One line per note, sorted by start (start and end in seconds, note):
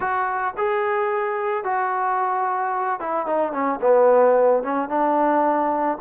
0.00 0.54 F#4
0.57 1.63 G#4
1.63 3.00 F#4
3.00 3.26 E4
3.26 3.52 D#4
3.52 3.79 C#4
3.81 4.63 B3
4.63 4.88 C#4
4.88 5.98 D4